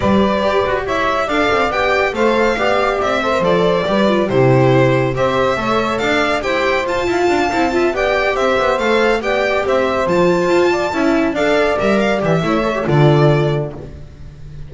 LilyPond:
<<
  \new Staff \with { instrumentName = "violin" } { \time 4/4 \tempo 4 = 140 d''2 e''4 f''4 | g''4 f''2 e''4 | d''2 c''2 | e''2 f''4 g''4 |
a''2~ a''8 g''4 e''8~ | e''8 f''4 g''4 e''4 a''8~ | a''2~ a''8 f''4 e''8 | f''8 e''4. d''2 | }
  \new Staff \with { instrumentName = "saxophone" } { \time 4/4 b'2 cis''4 d''4~ | d''4 c''4 d''4. c''8~ | c''4 b'4 g'2 | c''4 cis''4 d''4 c''4~ |
c''8 f''4. e''8 d''4 c''8~ | c''4. d''4 c''4.~ | c''4 d''8 e''4 d''4.~ | d''4 cis''4 a'2 | }
  \new Staff \with { instrumentName = "viola" } { \time 4/4 g'2. a'4 | g'4 a'4 g'4. a'16 ais'16 | a'4 g'8 f'8 e'2 | g'4 a'2 g'4 |
f'4. e'8 f'8 g'4.~ | g'8 a'4 g'2 f'8~ | f'4. e'4 a'4 ais'8~ | ais'8 g'8 e'8 a'16 g'16 f'2 | }
  \new Staff \with { instrumentName = "double bass" } { \time 4/4 g4 g'8 fis'8 e'4 d'8 c'8 | b4 a4 b4 c'4 | f4 g4 c2 | c'4 a4 d'4 e'4 |
f'8 e'8 d'8 c'4 b4 c'8 | b8 a4 b4 c'4 f8~ | f8 f'4 cis'4 d'4 g8~ | g8 e8 a4 d2 | }
>>